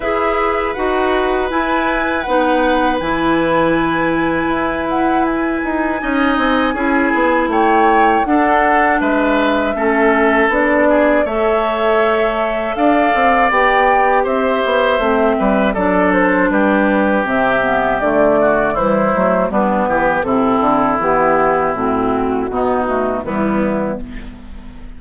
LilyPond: <<
  \new Staff \with { instrumentName = "flute" } { \time 4/4 \tempo 4 = 80 e''4 fis''4 gis''4 fis''4 | gis''2~ gis''8 fis''8 gis''4~ | gis''2 g''4 fis''4 | e''2 d''4 e''4~ |
e''4 f''4 g''4 e''4~ | e''4 d''8 c''8 b'4 e''4 | d''4 c''4 b'4 a'4 | g'4 fis'2 e'4 | }
  \new Staff \with { instrumentName = "oboe" } { \time 4/4 b'1~ | b'1 | dis''4 gis'4 cis''4 a'4 | b'4 a'4. gis'8 cis''4~ |
cis''4 d''2 c''4~ | c''8 b'8 a'4 g'2~ | g'8 fis'8 e'4 d'8 g'8 e'4~ | e'2 dis'4 b4 | }
  \new Staff \with { instrumentName = "clarinet" } { \time 4/4 gis'4 fis'4 e'4 dis'4 | e'1 | dis'4 e'2 d'4~ | d'4 cis'4 d'4 a'4~ |
a'2 g'2 | c'4 d'2 c'8 b8 | a4 g8 a8 b4 c'4 | b4 c'4 b8 a8 g4 | }
  \new Staff \with { instrumentName = "bassoon" } { \time 4/4 e'4 dis'4 e'4 b4 | e2 e'4. dis'8 | cis'8 c'8 cis'8 b8 a4 d'4 | gis4 a4 b4 a4~ |
a4 d'8 c'8 b4 c'8 b8 | a8 g8 fis4 g4 c4 | d4 e8 fis8 g8 e8 c8 d8 | e4 a,4 b,4 e4 | }
>>